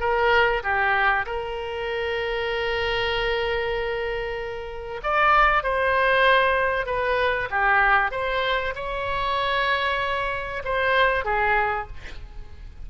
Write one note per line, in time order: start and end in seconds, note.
0.00 0.62 A#4
0.63 1.26 G4
1.26 5.01 A#4
5.03 5.63 D5
5.63 6.86 C5
6.86 7.49 B4
7.50 8.11 G4
8.11 8.74 C5
8.75 10.62 C#5
10.64 11.25 C5
11.25 11.87 G#4